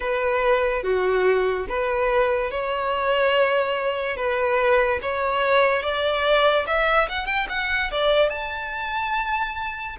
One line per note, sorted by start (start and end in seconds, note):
0.00 0.83 B4
0.83 1.66 F#4
1.68 2.50 B4
2.50 4.16 C#5
4.16 4.99 B4
5.02 5.82 C#5
5.82 6.65 D5
6.66 7.08 E5
7.08 7.26 F#5
7.26 7.47 G5
7.48 7.90 F#5
7.91 8.29 D5
8.29 9.96 A5